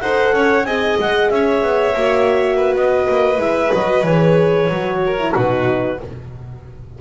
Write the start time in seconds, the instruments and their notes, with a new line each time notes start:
0.00 double bass D#4, horn A4, violin C5, clarinet F#5
0.33 double bass C#4, violin C#5
0.64 double bass C4, horn G#4, violin D#5, clarinet G#5
0.99 double bass G#3, clarinet F#5
1.30 double bass C#4, violin C#5, clarinet E5
1.62 double bass B3
1.95 double bass A#3, horn F#4
2.56 violin B4
2.75 double bass B3, clarinet D#5
3.08 double bass A#3
3.37 double bass G#3, horn E4, clarinet E5
3.74 double bass F#3, horn F#4, clarinet D#5
4.03 double bass E3, horn G#4, clarinet C#5
4.69 double bass F#3, horn F#4
5.06 violin A#4
5.18 horn E4
5.34 double bass B2, horn D#4, violin F#4, clarinet B4